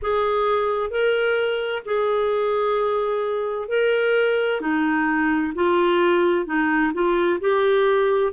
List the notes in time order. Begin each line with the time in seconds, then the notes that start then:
0.02 G#4
0.90 A#4
1.85 G#4
3.68 A#4
4.60 D#4
5.54 F4
6.46 D#4
6.93 F4
7.40 G4